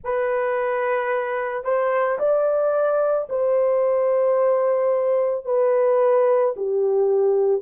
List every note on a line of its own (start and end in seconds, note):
0.03 1.64 B4
1.64 2.18 C5
2.18 3.27 D5
3.29 5.45 C5
5.45 6.54 B4
6.56 7.62 G4